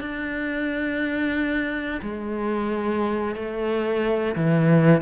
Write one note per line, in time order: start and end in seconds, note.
0.00 2.00 D4
2.02 3.35 G#3
3.35 4.35 A3
4.36 5.01 E3